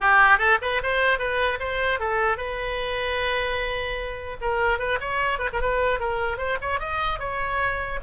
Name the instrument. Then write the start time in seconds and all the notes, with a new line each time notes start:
oboe
0.01 G4
0.38 A4
0.61 B4
0.82 C5
1.18 B4
1.59 C5
1.99 A4
2.37 B4
4.41 A#4
4.78 B4
5.00 C#5
5.39 B4
5.52 A#4
5.60 B4
5.99 A#4
6.37 C5
6.61 C#5
6.79 D#5
7.19 C#5